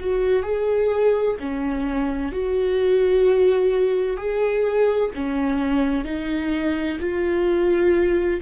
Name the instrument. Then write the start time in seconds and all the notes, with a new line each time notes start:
viola
0.00 F#4
0.43 G#4
1.40 C#4
2.33 F#4
4.17 G#4
5.15 C#4
6.05 D#4
7.01 F4